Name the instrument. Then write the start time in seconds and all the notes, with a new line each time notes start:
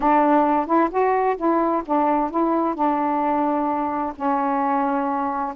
saxophone
0.00 D4
0.66 E4
0.90 F#4
1.36 E4
1.85 D4
2.30 E4
2.75 D4
4.15 C#4